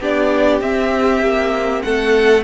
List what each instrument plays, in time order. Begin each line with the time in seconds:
0.00 cello B3, viola D4, violin G4 D5
0.61 cello C4, viola C4, violin E5
1.22 cello A#3
1.83 cello A3, violin A4 F#5